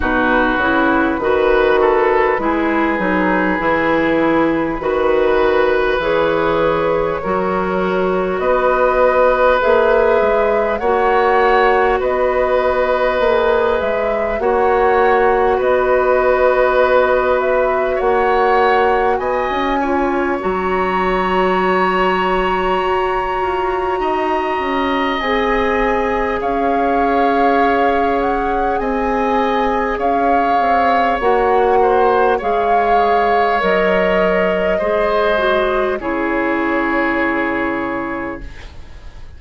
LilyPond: <<
  \new Staff \with { instrumentName = "flute" } { \time 4/4 \tempo 4 = 50 b'1~ | b'4 cis''2 dis''4 | e''4 fis''4 dis''4. e''8 | fis''4 dis''4. e''8 fis''4 |
gis''4 ais''2.~ | ais''4 gis''4 f''4. fis''8 | gis''4 f''4 fis''4 f''4 | dis''2 cis''2 | }
  \new Staff \with { instrumentName = "oboe" } { \time 4/4 fis'4 b'8 a'8 gis'2 | b'2 ais'4 b'4~ | b'4 cis''4 b'2 | cis''4 b'2 cis''4 |
dis''8 cis''2.~ cis''8 | dis''2 cis''2 | dis''4 cis''4. c''8 cis''4~ | cis''4 c''4 gis'2 | }
  \new Staff \with { instrumentName = "clarinet" } { \time 4/4 dis'8 e'8 fis'4 e'8 dis'8 e'4 | fis'4 gis'4 fis'2 | gis'4 fis'2 gis'4 | fis'1~ |
fis'8 f'8 fis'2.~ | fis'4 gis'2.~ | gis'2 fis'4 gis'4 | ais'4 gis'8 fis'8 e'2 | }
  \new Staff \with { instrumentName = "bassoon" } { \time 4/4 b,8 cis8 dis4 gis8 fis8 e4 | dis4 e4 fis4 b4 | ais8 gis8 ais4 b4 ais8 gis8 | ais4 b2 ais4 |
b16 cis'8. fis2 fis'8 f'8 | dis'8 cis'8 c'4 cis'2 | c'4 cis'8 c'8 ais4 gis4 | fis4 gis4 cis2 | }
>>